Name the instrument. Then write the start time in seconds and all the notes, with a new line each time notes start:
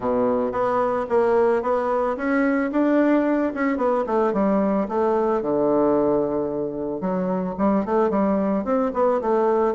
bassoon
0.00 B2
0.51 B3
1.09 A#3
1.62 B3
2.16 C#4
2.71 D4
3.54 C#4
3.77 B3
4.06 A3
4.33 G3
4.88 A3
5.42 D3
7.00 F#3
7.58 G3
7.85 A3
8.10 G3
8.64 C4
8.93 B3
9.21 A3